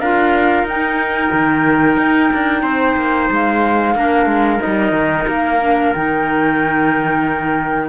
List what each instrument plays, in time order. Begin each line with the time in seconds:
0.00 cello D4, clarinet F4, trumpet A#4, flute F5
0.63 cello D#4, clarinet D#4, flute G5
1.33 cello D#3
1.97 cello D#4
2.33 cello D4
2.62 cello C4, trumpet C5
2.97 cello A#3
3.30 cello G#3, flute F5
3.95 cello A#3, clarinet D4, trumpet A#4
4.26 cello G#3
4.59 clarinet D#4, flute D#5
4.66 cello G3
4.92 cello D#3
5.28 cello A#3, flute F5
5.62 clarinet D4
5.93 cello D#3, clarinet D#4, flute G5